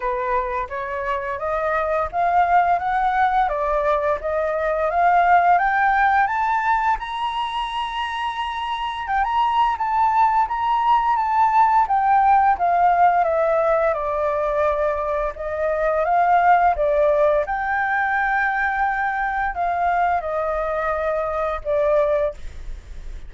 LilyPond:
\new Staff \with { instrumentName = "flute" } { \time 4/4 \tempo 4 = 86 b'4 cis''4 dis''4 f''4 | fis''4 d''4 dis''4 f''4 | g''4 a''4 ais''2~ | ais''4 g''16 ais''8. a''4 ais''4 |
a''4 g''4 f''4 e''4 | d''2 dis''4 f''4 | d''4 g''2. | f''4 dis''2 d''4 | }